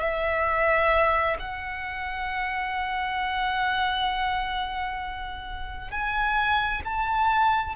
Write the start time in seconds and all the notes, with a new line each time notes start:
0.00 E5
1.39 F#5
5.90 G#5
6.84 A5